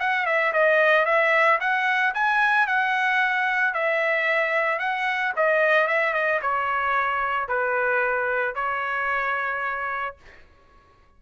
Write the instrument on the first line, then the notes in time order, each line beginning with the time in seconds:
trumpet
0.00 F#5
0.26 E5
0.53 D#5
1.06 E5
1.60 F#5
2.15 G#5
2.67 F#5
3.74 E5
4.79 F#5
5.36 D#5
5.88 E5
6.13 D#5
6.42 C#5
7.49 B4
8.55 C#5